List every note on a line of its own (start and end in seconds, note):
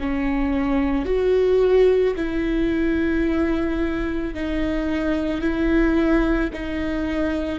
0.00 1.06 C#4
1.06 2.15 F#4
2.16 4.34 E4
4.34 5.41 D#4
5.41 6.50 E4
6.53 7.59 D#4